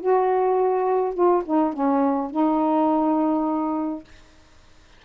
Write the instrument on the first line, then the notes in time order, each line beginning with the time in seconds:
saxophone
0.00 F#4
1.14 F4
1.45 D#4
1.73 C#4
2.31 D#4